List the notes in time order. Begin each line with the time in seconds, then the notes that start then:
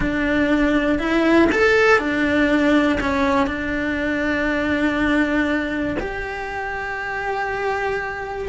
0.00 D4
0.99 E4
1.52 A4
1.98 D4
3.00 C#4
3.46 D4
5.99 G4